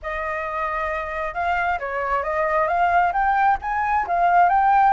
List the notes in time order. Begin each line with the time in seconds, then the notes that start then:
0.02 D#5
1.34 F5
1.79 C#5
2.23 D#5
2.67 F5
3.12 G5
3.61 G#5
4.07 F5
4.49 G5